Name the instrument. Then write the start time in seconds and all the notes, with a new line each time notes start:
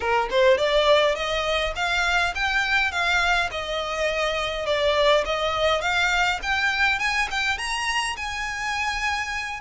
violin
0.00 A#4
0.30 C5
0.57 D5
1.15 D#5
1.75 F5
2.34 G5
2.91 F5
3.51 D#5
4.66 D5
5.25 D#5
5.81 F5
6.42 G5
6.99 G#5
7.31 G5
7.58 A#5
8.16 G#5